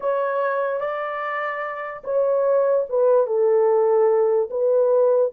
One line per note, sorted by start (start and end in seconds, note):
0.00 0.80 C#5
0.80 2.03 D5
2.04 2.85 C#5
2.89 3.27 B4
3.27 4.49 A4
4.50 5.32 B4